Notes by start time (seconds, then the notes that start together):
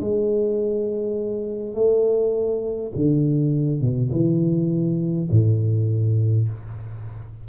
0.00 G#3
1.74 A3
2.95 D3
3.81 B2
4.12 E3
5.31 A2